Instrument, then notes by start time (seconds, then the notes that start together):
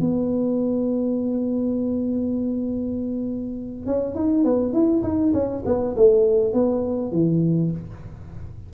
tuba
0.00 B3
3.86 C#4
4.15 D#4
4.44 B3
4.73 E4
5.03 D#4
5.33 C#4
5.65 B3
5.96 A3
6.53 B3
7.12 E3